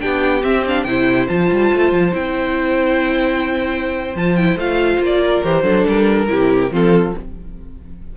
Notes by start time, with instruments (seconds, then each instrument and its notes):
0.00 cello B3, viola D4, violin G4 G5
0.43 viola C4, cello C4, violin E5
0.67 viola D4, violin F5
0.84 cello C3, viola E4, violin C5 G5
1.29 cello F3, viola F4, violin A5
1.52 cello G3
1.74 cello A3
1.93 cello F3
2.13 cello C4, viola E4, violin G5
4.16 cello F3, viola F4, violin A5
4.36 viola E4, violin G5
4.56 cello A3, viola F4, violin F5
4.99 cello A#3
5.06 violin D5
5.22 violin A#4
5.44 cello E3, viola G4, violin C5
5.64 cello F#3, viola D4, violin A4
5.87 cello G3, violin A#4
6.28 cello C3, viola E4, violin G4
6.71 cello F3, viola C4, violin F4 A4